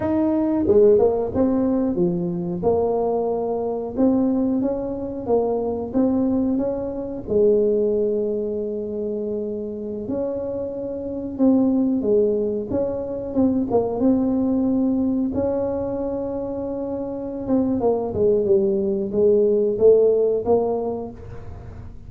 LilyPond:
\new Staff \with { instrumentName = "tuba" } { \time 4/4 \tempo 4 = 91 dis'4 gis8 ais8 c'4 f4 | ais2 c'4 cis'4 | ais4 c'4 cis'4 gis4~ | gis2.~ gis16 cis'8.~ |
cis'4~ cis'16 c'4 gis4 cis'8.~ | cis'16 c'8 ais8 c'2 cis'8.~ | cis'2~ cis'8 c'8 ais8 gis8 | g4 gis4 a4 ais4 | }